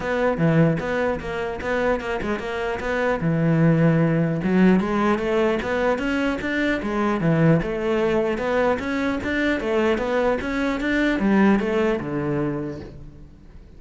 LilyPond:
\new Staff \with { instrumentName = "cello" } { \time 4/4 \tempo 4 = 150 b4 e4 b4 ais4 | b4 ais8 gis8 ais4 b4 | e2. fis4 | gis4 a4 b4 cis'4 |
d'4 gis4 e4 a4~ | a4 b4 cis'4 d'4 | a4 b4 cis'4 d'4 | g4 a4 d2 | }